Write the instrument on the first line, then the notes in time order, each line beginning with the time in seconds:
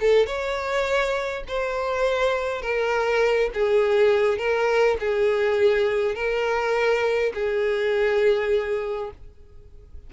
violin
0.00 A4
0.26 C#5
1.48 C5
2.62 A#4
3.54 G#4
4.38 A#4
5.00 G#4
6.15 A#4
7.34 G#4